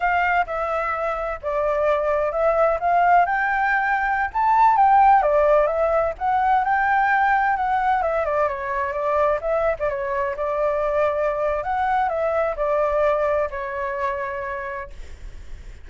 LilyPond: \new Staff \with { instrumentName = "flute" } { \time 4/4 \tempo 4 = 129 f''4 e''2 d''4~ | d''4 e''4 f''4 g''4~ | g''4~ g''16 a''4 g''4 d''8.~ | d''16 e''4 fis''4 g''4.~ g''16~ |
g''16 fis''4 e''8 d''8 cis''4 d''8.~ | d''16 e''8. d''16 cis''4 d''4.~ d''16~ | d''4 fis''4 e''4 d''4~ | d''4 cis''2. | }